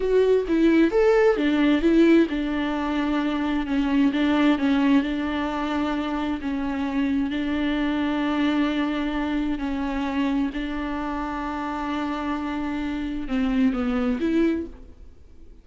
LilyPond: \new Staff \with { instrumentName = "viola" } { \time 4/4 \tempo 4 = 131 fis'4 e'4 a'4 d'4 | e'4 d'2. | cis'4 d'4 cis'4 d'4~ | d'2 cis'2 |
d'1~ | d'4 cis'2 d'4~ | d'1~ | d'4 c'4 b4 e'4 | }